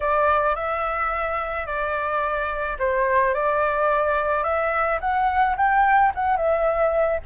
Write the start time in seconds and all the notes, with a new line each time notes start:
0.00 D5
0.55 E5
1.66 D5
2.78 C5
3.33 D5
4.43 E5
5.00 F#5
5.57 G5
6.14 F#5
6.36 E5